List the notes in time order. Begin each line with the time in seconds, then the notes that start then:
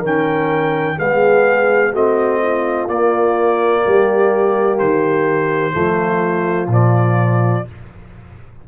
0.00 D#3 C#4 A#4
0.06 G5
0.97 G#3 B3 G#4 F5
1.93 A3 C4 F#4 D#5
2.43 F4
2.88 A#3 D5
3.83 G3 G4
4.79 D#3 C5
5.72 F3 A3 F4
6.67 A#2 F3
6.73 D5